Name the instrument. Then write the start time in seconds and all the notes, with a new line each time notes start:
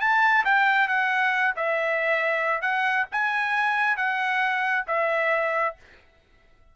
trumpet
0.00 A5
0.45 G5
0.88 F#5
1.56 E5
2.61 F#5
3.11 G#5
3.96 F#5
4.87 E5